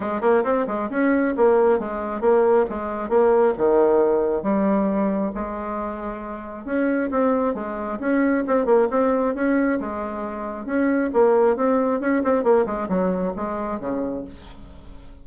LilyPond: \new Staff \with { instrumentName = "bassoon" } { \time 4/4 \tempo 4 = 135 gis8 ais8 c'8 gis8 cis'4 ais4 | gis4 ais4 gis4 ais4 | dis2 g2 | gis2. cis'4 |
c'4 gis4 cis'4 c'8 ais8 | c'4 cis'4 gis2 | cis'4 ais4 c'4 cis'8 c'8 | ais8 gis8 fis4 gis4 cis4 | }